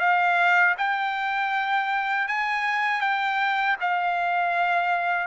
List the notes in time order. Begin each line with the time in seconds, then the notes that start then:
0.00 F5
0.78 G5
2.28 G#5
3.01 G5
3.80 F5